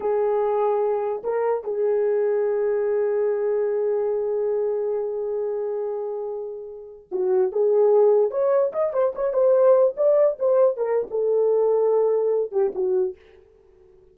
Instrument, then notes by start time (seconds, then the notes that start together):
horn
0.00 G#4
1.23 A#4
1.63 G#4
7.11 F#4
7.51 G#4
8.31 C#5
8.72 D#5
8.93 C5
9.15 C#5
9.33 C5
9.97 D5
10.39 C5
10.76 A#4
11.10 A4
12.51 G4
12.74 F#4